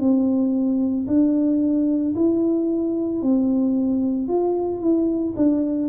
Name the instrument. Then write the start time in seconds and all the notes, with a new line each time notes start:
tuba
0.00 C4
1.08 D4
2.16 E4
3.22 C4
4.29 F4
4.81 E4
5.37 D4